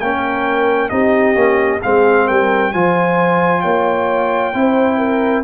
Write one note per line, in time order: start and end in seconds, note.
0.00 0.91 A#3
0.00 0.90 C#4
0.00 0.92 A#4
0.00 0.89 G5
0.89 1.35 C4
0.89 1.35 D#4
0.89 1.80 G4
0.89 1.80 D#5
1.35 1.80 A#3
1.35 1.80 C#4
1.80 2.30 G#3
1.80 2.73 C4
1.80 2.26 G#4
1.80 2.28 F5
2.26 2.74 G3
2.26 2.72 A#4
2.26 2.73 G5
2.73 3.64 F3
2.73 4.54 F4
2.73 3.62 C5
2.73 3.61 G#5
3.61 4.54 A#3
3.61 4.53 C#5
3.61 5.43 G5
4.54 5.44 C4
4.54 5.44 E4
4.54 4.98 C5
4.98 5.43 A#4